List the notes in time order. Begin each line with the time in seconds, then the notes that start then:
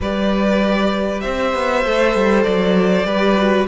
0.00 G3 G4 B4 D5
1.20 C4 C5 E5
1.54 B3
1.84 A3 A4
2.14 G3
2.43 F#3 D5
3.03 G3 G4 B4
3.37 F#4